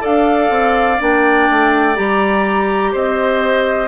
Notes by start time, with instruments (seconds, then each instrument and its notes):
0.00 bassoon D4, clarinet A4, oboe D5, flute F5
0.50 bassoon C4
1.00 bassoon A#3, clarinet D4, flute G5
1.50 bassoon A3
1.95 bassoon G3, clarinet G4, flute A#5
2.92 bassoon C4, oboe C5, flute D#5